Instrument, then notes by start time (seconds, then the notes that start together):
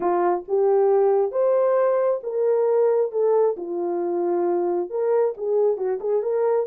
horn
0.00 F4
0.47 G4
1.31 C5
2.23 A#4
3.11 A4
3.57 F4
4.90 A#4
5.37 G#4
5.77 F#4
6.00 G#4
6.22 A#4